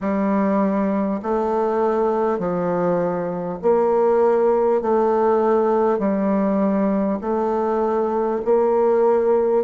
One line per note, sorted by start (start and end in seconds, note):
0.01 1.21 G3
1.22 2.38 A3
2.38 3.58 F3
3.62 4.81 A#3
4.81 5.98 A3
5.98 7.18 G3
7.21 8.41 A3
8.44 9.64 A#3